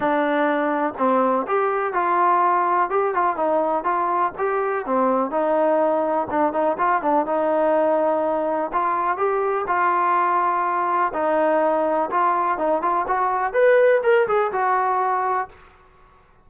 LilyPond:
\new Staff \with { instrumentName = "trombone" } { \time 4/4 \tempo 4 = 124 d'2 c'4 g'4 | f'2 g'8 f'8 dis'4 | f'4 g'4 c'4 dis'4~ | dis'4 d'8 dis'8 f'8 d'8 dis'4~ |
dis'2 f'4 g'4 | f'2. dis'4~ | dis'4 f'4 dis'8 f'8 fis'4 | b'4 ais'8 gis'8 fis'2 | }